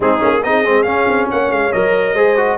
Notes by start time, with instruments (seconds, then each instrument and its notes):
0.00 tuba G#3, trombone C4, horn D#4, trumpet G#4
0.19 tuba A#3, trombone C#4
0.43 tuba C4, trombone D#4, horn G#4, trumpet D#5
0.64 tuba G#3, trombone C4
0.82 trombone C#4, tuba C#4, trumpet F5
1.07 tuba C4
1.30 tuba A#3, horn C#5, trumpet F#5
1.50 tuba G#3, trumpet F5
1.72 tuba F#3, trombone A#4, trumpet D#5
2.13 tuba G#3, trombone G#4, horn C5
2.37 trombone F#4